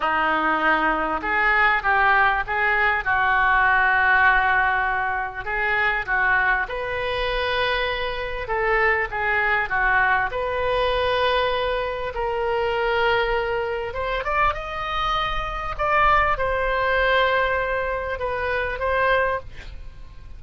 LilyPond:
\new Staff \with { instrumentName = "oboe" } { \time 4/4 \tempo 4 = 99 dis'2 gis'4 g'4 | gis'4 fis'2.~ | fis'4 gis'4 fis'4 b'4~ | b'2 a'4 gis'4 |
fis'4 b'2. | ais'2. c''8 d''8 | dis''2 d''4 c''4~ | c''2 b'4 c''4 | }